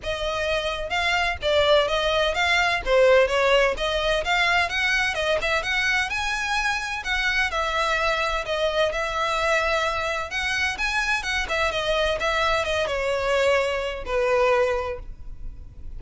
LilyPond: \new Staff \with { instrumentName = "violin" } { \time 4/4 \tempo 4 = 128 dis''2 f''4 d''4 | dis''4 f''4 c''4 cis''4 | dis''4 f''4 fis''4 dis''8 e''8 | fis''4 gis''2 fis''4 |
e''2 dis''4 e''4~ | e''2 fis''4 gis''4 | fis''8 e''8 dis''4 e''4 dis''8 cis''8~ | cis''2 b'2 | }